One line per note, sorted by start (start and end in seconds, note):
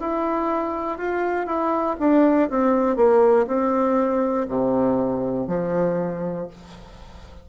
0.00 0.98 E4
0.98 1.47 F4
1.47 1.97 E4
2.00 2.50 D4
2.50 2.96 C4
2.96 3.46 A#3
3.47 4.47 C4
4.48 5.48 C3
5.48 6.48 F3